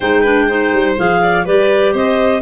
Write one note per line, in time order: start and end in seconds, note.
0.00 0.72 G#3
0.00 0.25 D#4
0.00 0.21 C5
0.00 0.93 G5
0.21 0.49 D4
0.21 0.45 B4
0.47 0.97 D#4
0.47 1.20 C5
0.72 0.96 G3
0.97 1.45 F3
0.97 1.45 G#4
0.97 1.46 F5
1.22 1.45 D5
1.45 1.93 G3
1.45 2.41 G4
1.45 1.92 B4
1.45 1.94 D5
1.92 2.41 C4
1.92 2.41 C5
1.92 2.41 D#5